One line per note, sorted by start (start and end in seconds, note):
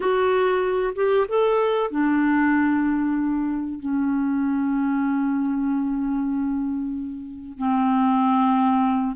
0.00 0.93 F#4
0.95 1.26 G4
1.28 1.90 A4
1.90 3.79 D4
3.79 7.58 C#4
7.58 9.16 C4